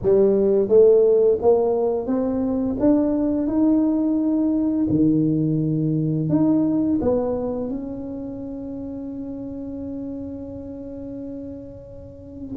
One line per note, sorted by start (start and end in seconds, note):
0.02 0.68 G3
0.68 1.38 A3
1.41 2.06 A#3
2.06 2.76 C4
2.79 3.47 D4
3.47 4.86 D#4
4.89 6.29 D#3
6.29 6.99 D#4
7.01 7.69 B3
7.69 12.56 C#4